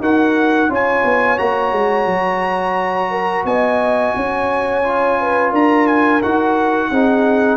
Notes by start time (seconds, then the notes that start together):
0.00 D#4 F#4 A#4 F#5
0.69 C#4 F4 C#5 G#5
1.04 B3
1.38 A#3 F#4 A#5
1.72 G#3
2.06 F#3
3.11 A#4
3.45 B3 D#5 G#5
4.16 C#4 C#5
4.84 F4
5.21 B4
5.50 D4 A#4 A#5
5.87 G#5
6.22 D#4 F#4 F#5
6.91 C4 D#4 G#4